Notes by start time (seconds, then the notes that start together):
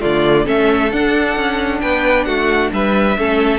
0.00 D3 A3 F4 D5
0.45 A3 C#4 A4 E5
0.92 D4 F#5
1.36 C#4
1.81 B3 B4 G5
2.24 A3 F#4 F#5
2.72 G3 B4 E5
3.18 A3 C#4 A4